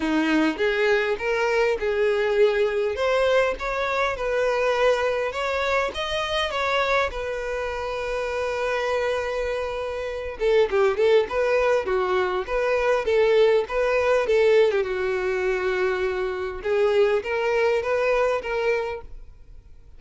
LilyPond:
\new Staff \with { instrumentName = "violin" } { \time 4/4 \tempo 4 = 101 dis'4 gis'4 ais'4 gis'4~ | gis'4 c''4 cis''4 b'4~ | b'4 cis''4 dis''4 cis''4 | b'1~ |
b'4. a'8 g'8 a'8 b'4 | fis'4 b'4 a'4 b'4 | a'8. g'16 fis'2. | gis'4 ais'4 b'4 ais'4 | }